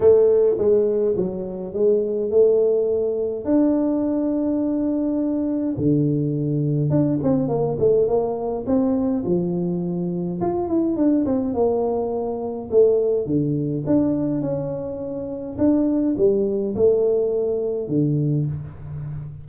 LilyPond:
\new Staff \with { instrumentName = "tuba" } { \time 4/4 \tempo 4 = 104 a4 gis4 fis4 gis4 | a2 d'2~ | d'2 d2 | d'8 c'8 ais8 a8 ais4 c'4 |
f2 f'8 e'8 d'8 c'8 | ais2 a4 d4 | d'4 cis'2 d'4 | g4 a2 d4 | }